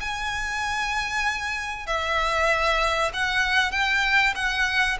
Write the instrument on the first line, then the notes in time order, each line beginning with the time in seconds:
violin
0.00 G#5
1.86 E5
3.13 F#5
3.71 G5
4.35 F#5